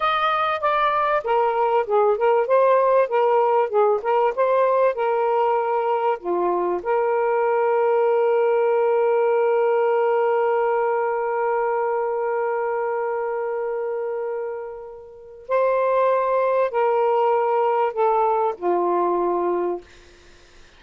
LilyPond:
\new Staff \with { instrumentName = "saxophone" } { \time 4/4 \tempo 4 = 97 dis''4 d''4 ais'4 gis'8 ais'8 | c''4 ais'4 gis'8 ais'8 c''4 | ais'2 f'4 ais'4~ | ais'1~ |
ais'1~ | ais'1~ | ais'4 c''2 ais'4~ | ais'4 a'4 f'2 | }